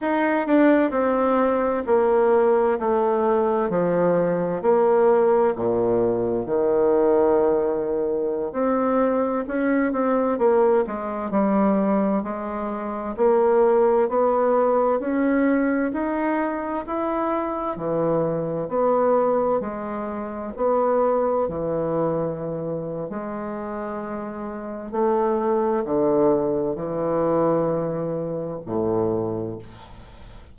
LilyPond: \new Staff \with { instrumentName = "bassoon" } { \time 4/4 \tempo 4 = 65 dis'8 d'8 c'4 ais4 a4 | f4 ais4 ais,4 dis4~ | dis4~ dis16 c'4 cis'8 c'8 ais8 gis16~ | gis16 g4 gis4 ais4 b8.~ |
b16 cis'4 dis'4 e'4 e8.~ | e16 b4 gis4 b4 e8.~ | e4 gis2 a4 | d4 e2 a,4 | }